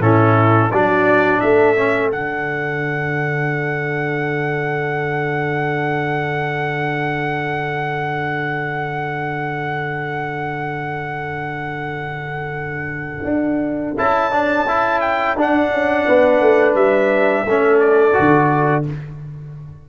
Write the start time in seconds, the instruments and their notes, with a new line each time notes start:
0.00 tuba A2, trombone C#4, horn E4, trumpet A4
0.72 tuba F#3, trombone D4, horn F#4, trumpet D5
1.40 tuba A3, horn A4, trumpet E5
1.77 trombone C#4
2.12 tuba D3, trombone D4, trumpet F#5
13.25 tuba D4
13.98 tuba C#4, trombone E4, trumpet A5
14.32 trombone D4
14.68 trombone E4
15.01 trumpet G5
15.36 tuba D4, trombone D4, trumpet F#5
15.71 tuba C#4
16.07 tuba B3, horn B4
16.41 tuba A3
16.75 tuba G3, trumpet E5
17.45 tuba A3, trombone C#4, horn A4
17.80 trumpet D5
18.13 trombone F#4
18.19 tuba D3